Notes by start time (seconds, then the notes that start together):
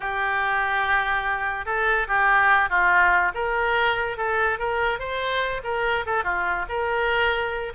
0.00 G4
1.65 A4
2.07 G4
2.69 F4
3.34 A#4
4.17 A4
4.58 A#4
4.99 C5
5.63 A#4
6.06 A4
6.23 F4
6.68 A#4